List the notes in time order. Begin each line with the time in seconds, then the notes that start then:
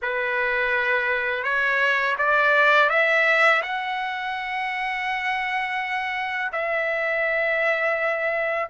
0.02 B4
1.43 C#5
2.18 D5
2.89 E5
3.62 F#5
6.52 E5